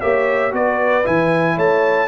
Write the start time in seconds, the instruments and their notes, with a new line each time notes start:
0.00 tuba A#3, trombone G4, horn C#5, trumpet E5
0.51 tuba B3, trombone F#4, horn B4, trumpet D5
1.03 tuba E3, trombone E4, trumpet G#5
1.56 tuba A3, horn C#5, trumpet A5